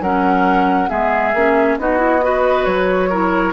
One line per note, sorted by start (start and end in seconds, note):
0.00 0.88 F#3
0.00 0.88 C#4
0.00 0.89 A#4
0.00 0.89 F#5
0.88 1.33 G#3
0.88 1.32 B3
0.88 1.77 G#4
0.88 1.77 E5
1.33 1.78 A#3
1.33 1.79 C#4
1.78 2.65 B3
1.78 1.97 D#4
1.78 2.24 F#4
1.78 2.64 D#5
1.97 2.19 E4
2.22 3.10 F#4
2.22 3.09 B4
2.64 3.52 F#3
2.64 3.52 C#5
3.09 3.52 E4
3.09 3.52 A#4